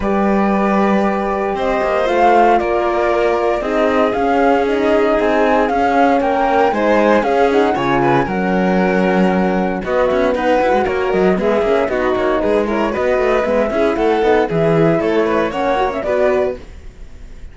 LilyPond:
<<
  \new Staff \with { instrumentName = "flute" } { \time 4/4 \tempo 4 = 116 d''2. dis''4 | f''4 d''2 dis''4 | f''4 dis''4 gis''4 f''4 | g''4 gis''4 f''8 fis''8 gis''4 |
fis''2. dis''8 e''8 | fis''4 cis''8 dis''8 e''4 dis''8 cis''8 | b'8 cis''8 dis''4 e''4 fis''4 | e''4 cis''4 fis''8. e''16 d''4 | }
  \new Staff \with { instrumentName = "violin" } { \time 4/4 b'2. c''4~ | c''4 ais'2 gis'4~ | gis'1 | ais'4 c''4 gis'4 cis''8 b'8 |
ais'2. fis'4 | b'4 ais'4 gis'4 fis'4 | gis'8 ais'8 b'4. gis'8 a'4 | gis'4 a'8 b'8 cis''4 b'4 | }
  \new Staff \with { instrumentName = "horn" } { \time 4/4 g'1 | f'2. dis'4 | cis'4 dis'2 cis'4~ | cis'4 dis'4 cis'8 dis'8 f'4 |
cis'2. b4~ | b8 fis'4. b8 cis'8 dis'4~ | dis'8 e'8 fis'4 b8 e'4 dis'8 | e'2 cis'8 fis'16 cis'16 fis'4 | }
  \new Staff \with { instrumentName = "cello" } { \time 4/4 g2. c'8 ais8 | a4 ais2 c'4 | cis'2 c'4 cis'4 | ais4 gis4 cis'4 cis4 |
fis2. b8 cis'8 | dis'8 e'16 gis16 ais8 fis8 gis8 ais8 b8 ais8 | gis4 b8 a8 gis8 cis'8 a8 b8 | e4 a4 ais4 b4 | }
>>